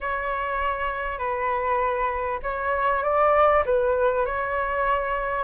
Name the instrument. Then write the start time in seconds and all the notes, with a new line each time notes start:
flute
0.00 C#5
1.18 B4
2.42 C#5
3.03 D5
3.65 B4
4.25 C#5